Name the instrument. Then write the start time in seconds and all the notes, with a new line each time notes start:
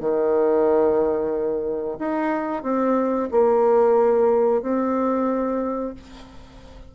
bassoon
0.00 D#3
1.99 D#4
2.63 C4
3.31 A#3
4.62 C4